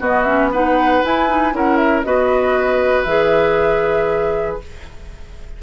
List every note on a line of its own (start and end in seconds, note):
0.00 1.03 B3
0.00 0.26 B3
0.00 0.51 F#4
0.00 0.23 D#5
0.23 0.52 C#4
0.23 0.49 E5
0.52 1.04 D#4
0.52 1.54 B4
0.52 1.04 F#5
1.04 1.29 E4
1.04 1.53 E4
1.04 1.56 G#5
1.29 1.53 D#4
1.53 2.04 C#4
1.53 2.04 E4
1.53 2.06 A#4
1.53 1.77 F#5
1.77 2.03 E5
2.03 3.05 B3
2.03 3.07 F#4
2.03 4.63 B4
2.03 3.03 D#5
3.03 4.59 E3
3.03 4.61 G#4
3.03 4.57 E5